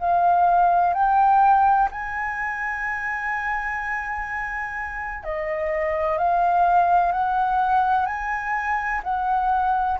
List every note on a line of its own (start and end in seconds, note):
0.00 0.94 F5
0.94 1.89 G5
1.91 5.24 G#5
5.24 6.19 D#5
6.19 7.13 F5
7.13 8.06 F#5
8.06 9.02 G#5
9.04 9.99 F#5